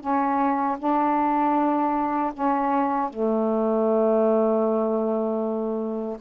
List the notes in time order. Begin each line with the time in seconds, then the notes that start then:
0.00 C#4
0.78 D4
2.33 C#4
3.10 A3